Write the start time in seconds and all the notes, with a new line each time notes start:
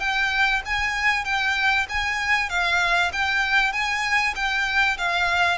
0.00 G5
0.66 G#5
1.25 G5
1.89 G#5
2.50 F5
3.13 G5
3.73 G#5
4.36 G5
4.98 F5